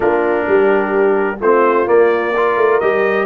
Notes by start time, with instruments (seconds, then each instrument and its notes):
0.00 tuba A#3, trombone D4, horn F4, trumpet A#4
0.48 tuba G3, horn G4
1.40 tuba A3, trombone C4, horn F4, trumpet C5
1.85 trombone A#3, tuba A#3, trumpet D5
2.33 trombone F4, horn A#4
2.56 tuba A3
2.79 tuba G3, trombone G4, trumpet D#5